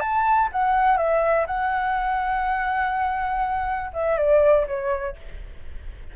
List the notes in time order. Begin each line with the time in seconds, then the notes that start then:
0.00 A5
0.52 F#5
0.97 E5
1.47 F#5
3.93 E5
4.17 D5
4.67 C#5